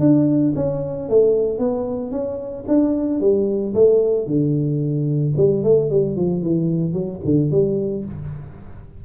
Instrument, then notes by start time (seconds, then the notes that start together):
tuba
0.00 D4
0.56 C#4
1.09 A3
1.59 B3
2.12 C#4
2.68 D4
3.21 G3
3.75 A3
4.27 D3
5.37 G3
5.64 A3
5.91 G3
6.17 F3
6.43 E3
6.93 F#3
7.25 D3
7.51 G3